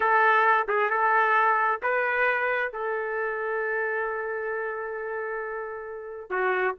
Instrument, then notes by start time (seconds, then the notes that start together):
trumpet
0.00 A4
0.68 G#4
0.90 A4
1.82 B4
2.72 A4
6.29 F#4